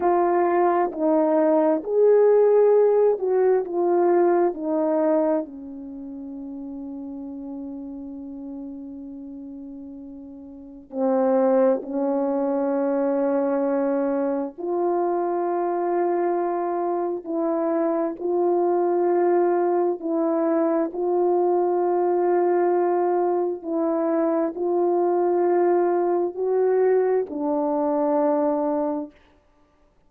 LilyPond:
\new Staff \with { instrumentName = "horn" } { \time 4/4 \tempo 4 = 66 f'4 dis'4 gis'4. fis'8 | f'4 dis'4 cis'2~ | cis'1 | c'4 cis'2. |
f'2. e'4 | f'2 e'4 f'4~ | f'2 e'4 f'4~ | f'4 fis'4 d'2 | }